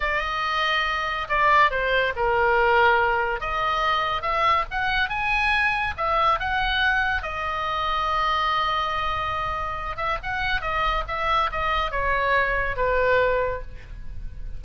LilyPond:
\new Staff \with { instrumentName = "oboe" } { \time 4/4 \tempo 4 = 141 dis''2. d''4 | c''4 ais'2. | dis''2 e''4 fis''4 | gis''2 e''4 fis''4~ |
fis''4 dis''2.~ | dis''2.~ dis''8 e''8 | fis''4 dis''4 e''4 dis''4 | cis''2 b'2 | }